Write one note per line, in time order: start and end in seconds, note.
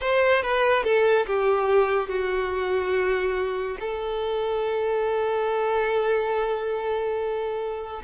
0.00 0.42 C5
0.42 0.83 B4
0.83 1.25 A4
1.26 2.08 G4
2.08 3.77 F#4
3.80 8.02 A4